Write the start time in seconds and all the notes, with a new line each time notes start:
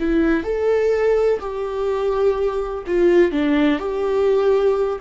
0.00 E4
0.43 A4
1.40 G4
2.87 F4
3.32 D4
3.79 G4